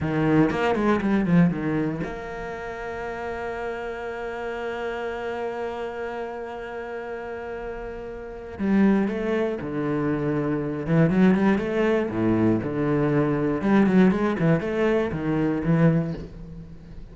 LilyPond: \new Staff \with { instrumentName = "cello" } { \time 4/4 \tempo 4 = 119 dis4 ais8 gis8 g8 f8 dis4 | ais1~ | ais1~ | ais1~ |
ais4 g4 a4 d4~ | d4. e8 fis8 g8 a4 | a,4 d2 g8 fis8 | gis8 e8 a4 dis4 e4 | }